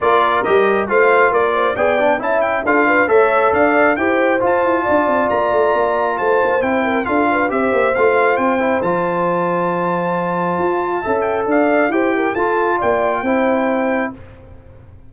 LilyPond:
<<
  \new Staff \with { instrumentName = "trumpet" } { \time 4/4 \tempo 4 = 136 d''4 dis''4 f''4 d''4 | g''4 a''8 g''8 f''4 e''4 | f''4 g''4 a''2 | ais''2 a''4 g''4 |
f''4 e''4 f''4 g''4 | a''1~ | a''4. g''8 f''4 g''4 | a''4 g''2. | }
  \new Staff \with { instrumentName = "horn" } { \time 4/4 ais'2 c''4 ais'8 c''8 | d''4 e''4 a'8 b'8 cis''4 | d''4 c''2 d''4~ | d''2 c''4. ais'8 |
a'8 b'8 c''2.~ | c''1~ | c''4 e''4 d''4 c''8 ais'8 | a'4 d''4 c''2 | }
  \new Staff \with { instrumentName = "trombone" } { \time 4/4 f'4 g'4 f'2 | gis'8 d'8 e'4 f'4 a'4~ | a'4 g'4 f'2~ | f'2. e'4 |
f'4 g'4 f'4. e'8 | f'1~ | f'4 a'2 g'4 | f'2 e'2 | }
  \new Staff \with { instrumentName = "tuba" } { \time 4/4 ais4 g4 a4 ais4 | b4 cis'4 d'4 a4 | d'4 e'4 f'8 e'8 d'8 c'8 | ais8 a8 ais4 a8 ais8 c'4 |
d'4 c'8 ais8 a4 c'4 | f1 | f'4 cis'4 d'4 e'4 | f'4 ais4 c'2 | }
>>